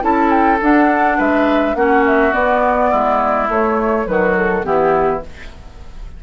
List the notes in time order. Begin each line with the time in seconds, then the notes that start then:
0.00 C#4 E4 A4 A5
0.30 G5
0.61 D4 F#5
1.17 G#3 B4 E5
1.75 A#3 C#4 F#4 F#5
2.06 E5
2.31 B3 D5
2.90 G#3 E4
3.48 A3 C#5
4.04 D#3 F#3 F#4 B4
4.37 A4
4.63 E3 B3 E4 G4